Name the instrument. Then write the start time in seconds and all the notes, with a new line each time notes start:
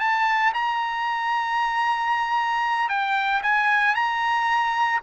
trumpet
0.00 A5
0.54 A#5
2.89 G5
3.43 G#5
3.95 A#5